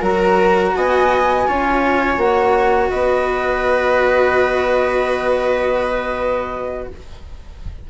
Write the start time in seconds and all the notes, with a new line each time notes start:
0.00 F#3 F#4 A#4 A#5
0.75 B3 D#5 G#5
1.47 C#4 F4 C#5
2.17 A#3 F#4 F#5
2.90 B3 B4 D#5